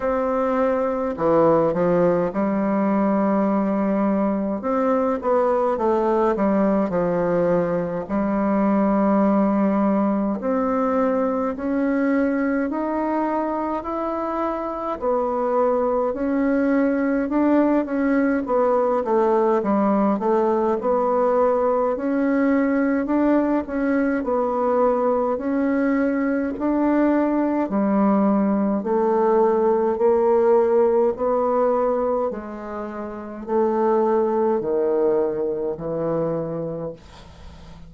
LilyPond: \new Staff \with { instrumentName = "bassoon" } { \time 4/4 \tempo 4 = 52 c'4 e8 f8 g2 | c'8 b8 a8 g8 f4 g4~ | g4 c'4 cis'4 dis'4 | e'4 b4 cis'4 d'8 cis'8 |
b8 a8 g8 a8 b4 cis'4 | d'8 cis'8 b4 cis'4 d'4 | g4 a4 ais4 b4 | gis4 a4 dis4 e4 | }